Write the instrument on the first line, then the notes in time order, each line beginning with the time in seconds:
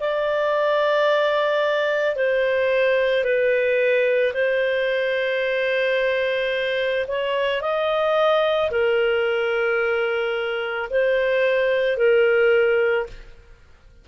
clarinet
0.00 D5
2.16 C5
3.24 B4
4.34 C5
7.08 C#5
7.62 D#5
8.71 A#4
10.90 C5
11.98 A#4